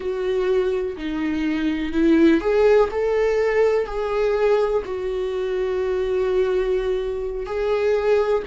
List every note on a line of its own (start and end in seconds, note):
0.00 0.96 F#4
0.97 1.92 D#4
1.92 2.40 E4
2.41 2.89 G#4
2.91 3.86 A4
3.86 4.83 G#4
4.85 7.46 F#4
7.46 8.42 G#4